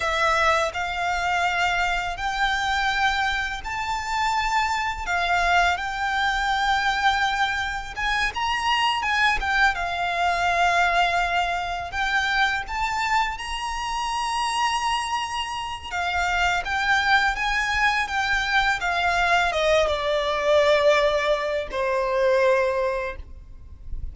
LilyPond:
\new Staff \with { instrumentName = "violin" } { \time 4/4 \tempo 4 = 83 e''4 f''2 g''4~ | g''4 a''2 f''4 | g''2. gis''8 ais''8~ | ais''8 gis''8 g''8 f''2~ f''8~ |
f''8 g''4 a''4 ais''4.~ | ais''2 f''4 g''4 | gis''4 g''4 f''4 dis''8 d''8~ | d''2 c''2 | }